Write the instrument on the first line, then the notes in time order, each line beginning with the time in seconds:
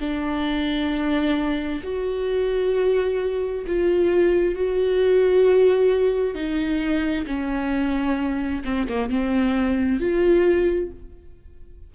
viola
0.00 D4
1.83 F#4
3.67 F4
4.55 F#4
6.34 D#4
7.26 C#4
8.64 C4
8.88 A#3
9.10 C4
10.00 F4